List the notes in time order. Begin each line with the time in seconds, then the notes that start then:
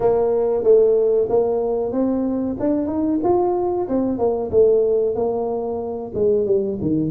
0.00 A#3
0.63 A3
1.29 A#3
1.92 C4
2.59 D4
2.87 D#4
3.23 F4
3.88 C4
4.18 A#3
4.50 A3
5.15 A#3
6.14 G#3
6.45 G3
6.81 D#3